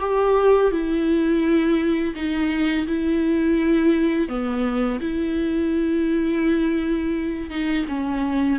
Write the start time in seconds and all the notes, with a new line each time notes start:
0.00 G4
0.71 E4
2.15 D#4
2.87 E4
4.29 B3
5.00 E4
7.50 D#4
7.89 C#4